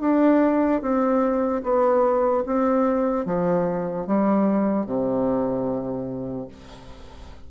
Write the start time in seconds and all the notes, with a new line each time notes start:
0.00 D4
0.81 C4
1.63 B3
2.46 C4
3.25 F3
4.07 G3
4.86 C3